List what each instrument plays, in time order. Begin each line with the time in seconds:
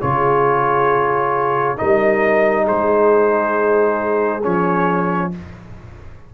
0.00 tuba C#3, trombone F4, horn G#4, trumpet C#5
1.76 tuba G3, trombone D#4, horn A#4, trumpet D#5
2.63 horn G#4, trumpet C5
2.70 tuba G#3
4.43 tuba F3, trombone C#4, trumpet C#5